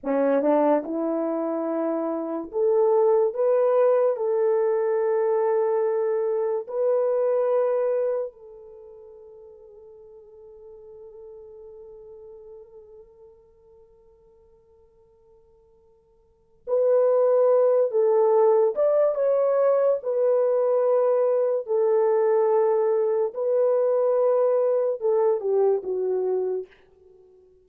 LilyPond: \new Staff \with { instrumentName = "horn" } { \time 4/4 \tempo 4 = 72 cis'8 d'8 e'2 a'4 | b'4 a'2. | b'2 a'2~ | a'1~ |
a'1 | b'4. a'4 d''8 cis''4 | b'2 a'2 | b'2 a'8 g'8 fis'4 | }